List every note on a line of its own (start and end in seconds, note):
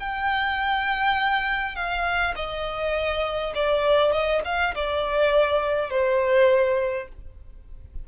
0.00 1.76 G5
1.76 2.35 F5
2.36 3.53 D#5
3.55 4.12 D5
4.12 4.42 D#5
4.45 4.75 F5
4.75 5.90 D5
5.90 7.08 C5